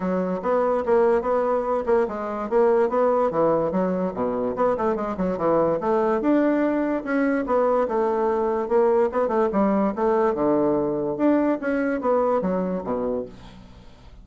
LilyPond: \new Staff \with { instrumentName = "bassoon" } { \time 4/4 \tempo 4 = 145 fis4 b4 ais4 b4~ | b8 ais8 gis4 ais4 b4 | e4 fis4 b,4 b8 a8 | gis8 fis8 e4 a4 d'4~ |
d'4 cis'4 b4 a4~ | a4 ais4 b8 a8 g4 | a4 d2 d'4 | cis'4 b4 fis4 b,4 | }